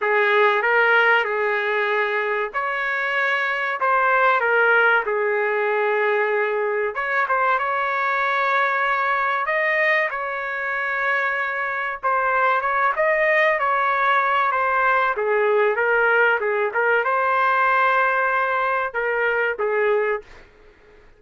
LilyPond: \new Staff \with { instrumentName = "trumpet" } { \time 4/4 \tempo 4 = 95 gis'4 ais'4 gis'2 | cis''2 c''4 ais'4 | gis'2. cis''8 c''8 | cis''2. dis''4 |
cis''2. c''4 | cis''8 dis''4 cis''4. c''4 | gis'4 ais'4 gis'8 ais'8 c''4~ | c''2 ais'4 gis'4 | }